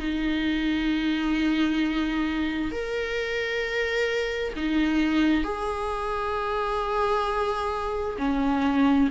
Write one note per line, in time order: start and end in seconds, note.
0.00 2.72 D#4
2.72 4.54 A#4
4.57 5.44 D#4
5.44 8.17 G#4
8.19 9.10 C#4